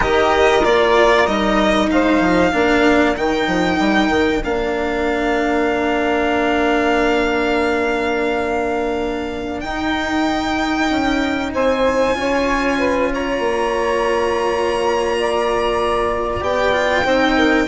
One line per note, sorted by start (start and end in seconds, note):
0.00 0.63 D#3
0.00 0.61 G4
0.00 1.87 A#4
0.00 0.64 D#5
0.63 1.26 A#3
0.63 1.27 F4
0.63 1.26 D5
1.26 1.89 G3
1.26 2.52 D#4
1.26 1.89 D#5
1.90 2.19 G#3
1.90 2.51 C5
1.90 3.16 F5
2.19 2.51 F3
2.51 3.16 A#3
2.51 3.15 D4
2.51 11.51 A#4
3.16 3.46 D#3
3.16 4.42 D#4
3.16 4.42 G5
3.46 3.78 F3
3.78 4.08 G3
4.08 4.40 D#3
4.43 9.62 A#3
4.43 9.64 D4
4.43 9.60 F5
9.60 10.88 D#4
9.60 12.14 D#4
9.60 11.50 G5
10.89 11.52 C#4
11.53 12.15 C4
11.53 12.16 C5
11.53 13.12 G#5
12.14 13.39 C#4
12.14 16.40 F4
12.14 12.78 C#5
12.78 13.10 B4
13.12 15.18 C#5
13.12 16.43 A#5
13.39 16.39 A#3
15.18 17.04 D5
16.40 17.04 B3
16.40 16.72 G4
16.40 17.67 G5
16.72 17.04 F4
17.04 17.67 C4
17.04 17.67 D#4
17.04 17.35 C5
17.36 17.67 A#4